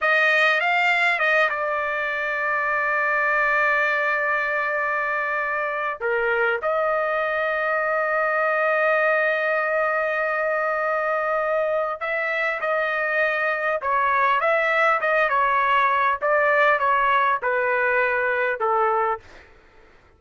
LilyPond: \new Staff \with { instrumentName = "trumpet" } { \time 4/4 \tempo 4 = 100 dis''4 f''4 dis''8 d''4.~ | d''1~ | d''2 ais'4 dis''4~ | dis''1~ |
dis''1 | e''4 dis''2 cis''4 | e''4 dis''8 cis''4. d''4 | cis''4 b'2 a'4 | }